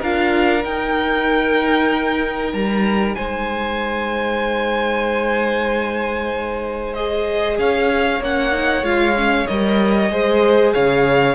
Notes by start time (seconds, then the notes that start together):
0.00 D4 F4 A#4 F5
0.63 D#4 G5
2.54 G3 A#5
3.15 G#3 C5 G#5
6.94 G#4 D#5
7.59 C#4 C#5 F5
8.20 A#3 C#4 F#5
8.52 D#4
8.83 G#3 F4 F5
9.16 C#4
9.47 G3 A#4 D#5
10.11 G#3 G#4 C5
10.74 C#3 C#5 F5